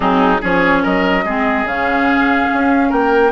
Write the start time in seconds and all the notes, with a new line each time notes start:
0.00 F#3 C4 D#4 G#4
0.41 F3 C#4 G#4 C#5
0.82 F#3 A#4 D#5
1.24 G#3 C4 G#4
1.63 C#3 C#4 F5
2.53 C#4
2.89 A#3 A#4 G5